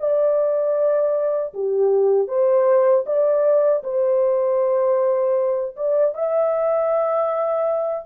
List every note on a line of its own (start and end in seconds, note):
0.00 1.54 D5
1.54 2.28 G4
2.28 3.05 C5
3.06 3.83 D5
3.84 5.76 C5
5.77 6.15 D5
6.15 8.06 E5